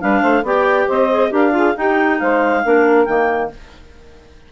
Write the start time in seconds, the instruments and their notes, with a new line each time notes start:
0.00 bassoon G3, clarinet D4 F5, saxophone B4
0.21 bassoon A3, saxophone C5
0.43 bassoon B3, clarinet G4 G5, saxophone D5
0.86 bassoon C4, saxophone C5, clarinet D#5
1.10 clarinet G#4
1.30 bassoon D4, clarinet G4 F5, saxophone A#4
1.52 clarinet F4, saxophone G#4
1.76 clarinet D#4 G5, bassoon D#4, saxophone G4
2.19 bassoon G#3, saxophone C5, clarinet F5
2.64 bassoon A#3, clarinet D4, saxophone A#4
3.05 bassoon D#3, clarinet A#3 G5